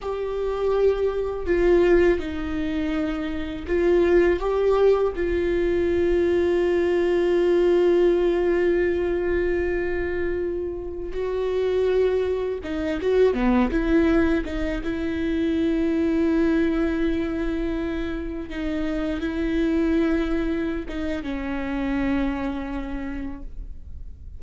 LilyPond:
\new Staff \with { instrumentName = "viola" } { \time 4/4 \tempo 4 = 82 g'2 f'4 dis'4~ | dis'4 f'4 g'4 f'4~ | f'1~ | f'2.~ f'16 fis'8.~ |
fis'4~ fis'16 dis'8 fis'8 b8 e'4 dis'16~ | dis'16 e'2.~ e'8.~ | e'4~ e'16 dis'4 e'4.~ e'16~ | e'8 dis'8 cis'2. | }